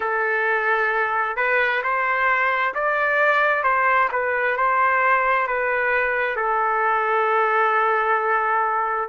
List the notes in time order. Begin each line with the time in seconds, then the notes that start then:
0.00 A4
1.36 B4
1.83 C5
2.74 D5
3.63 C5
4.12 B4
4.56 C5
5.47 B4
6.36 A4